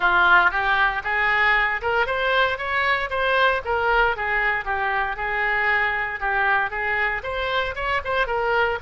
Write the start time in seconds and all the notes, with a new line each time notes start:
0.00 F4
0.50 G4
1.03 G#4
1.81 A#4
2.06 C5
2.58 C#5
3.10 C5
3.65 A#4
4.16 G#4
4.65 G4
5.16 G#4
6.20 G4
6.70 G#4
7.23 C5
7.75 C#5
8.04 C5
8.26 A#4